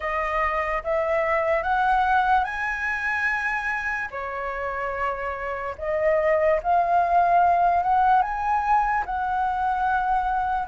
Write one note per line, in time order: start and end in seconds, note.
0.00 0.82 D#5
0.83 1.63 E5
1.63 2.44 F#5
2.44 4.08 G#5
4.11 5.75 C#5
5.78 6.60 D#5
6.62 7.83 F5
7.83 8.22 F#5
8.22 9.04 G#5
9.05 10.67 F#5